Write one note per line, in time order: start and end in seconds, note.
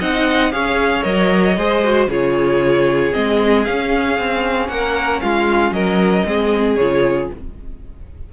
0.00 0.53 C4
0.00 0.52 D#4
0.00 0.52 D#5
0.00 0.52 F#5
0.52 1.05 C#4
0.52 1.02 G#4
0.52 1.58 C#5
0.52 1.03 F5
1.02 1.57 F#3
1.02 1.55 A#4
1.02 2.08 D#5
1.57 2.07 G#3
1.57 1.84 G#4
1.57 2.10 C5
1.84 2.10 F#4
2.07 3.12 C#3
2.07 3.13 F4
2.07 4.70 G#4
2.07 3.14 C#5
3.13 3.67 G#3
3.13 3.65 C4
3.13 3.65 D#5
3.65 6.26 C#4
3.65 4.19 C#4
3.65 4.68 F5
4.19 4.69 C4
4.68 5.21 A#3
4.68 5.23 A#4
4.68 5.21 F#5
5.22 5.72 G#3
5.22 5.75 F4
5.22 5.73 F5
5.72 6.24 F#3
5.72 6.27 A#4
5.72 6.77 D#5
6.26 6.77 G#3
6.26 6.78 C4
6.26 7.33 G#4
6.77 7.30 C#3
6.77 7.33 F4
6.77 7.29 C#5